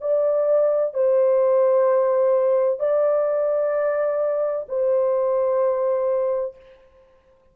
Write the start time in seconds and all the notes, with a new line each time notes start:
0.00 D5
0.93 C5
2.79 D5
4.68 C5